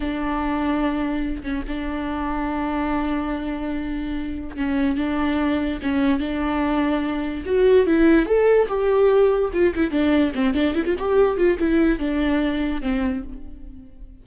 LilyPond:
\new Staff \with { instrumentName = "viola" } { \time 4/4 \tempo 4 = 145 d'2.~ d'8 cis'8 | d'1~ | d'2. cis'4 | d'2 cis'4 d'4~ |
d'2 fis'4 e'4 | a'4 g'2 f'8 e'8 | d'4 c'8 d'8 e'16 f'16 g'4 f'8 | e'4 d'2 c'4 | }